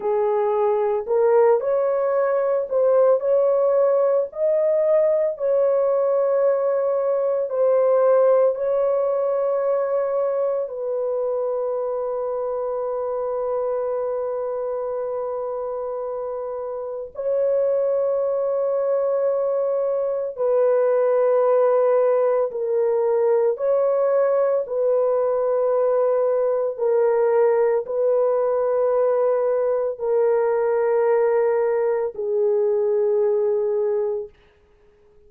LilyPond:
\new Staff \with { instrumentName = "horn" } { \time 4/4 \tempo 4 = 56 gis'4 ais'8 cis''4 c''8 cis''4 | dis''4 cis''2 c''4 | cis''2 b'2~ | b'1 |
cis''2. b'4~ | b'4 ais'4 cis''4 b'4~ | b'4 ais'4 b'2 | ais'2 gis'2 | }